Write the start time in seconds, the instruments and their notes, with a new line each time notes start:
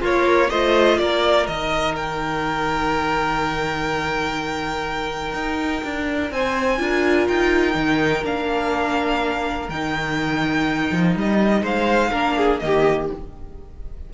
0.00 cello A#3, violin F4 C#5, viola A#4
0.50 cello A3, viola F4, violin C5 D#5
0.98 cello A#3, violin A#4 D5
1.47 cello D#3, viola D#4, violin D#5
1.96 violin G5
5.34 cello D#4
5.84 cello D4
6.31 cello C4, violin C5 G#5
6.79 cello D4, viola F4, violin A#4
7.28 cello D#4, violin G5
7.74 cello D#3, viola D#4
8.24 cello A#3, viola D4, violin F5
9.69 cello D#3, viola D#4, violin G5
10.91 cello F3
11.16 cello G3, violin D#5
11.62 cello G#3, violin C5 F5
12.11 cello A#3, viola D4, violin A#4
12.37 violin G#4
12.59 cello D#3, viola A#3, violin G4 D#5